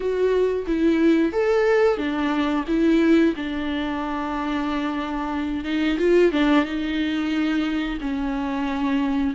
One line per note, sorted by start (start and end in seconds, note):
0.00 0.65 F#4
0.66 1.32 E4
1.32 1.97 A4
1.97 2.64 D4
2.67 3.34 E4
3.35 5.64 D4
5.64 5.98 D#4
5.98 6.32 F4
6.32 6.65 D4
6.65 7.98 D#4
8.00 9.34 C#4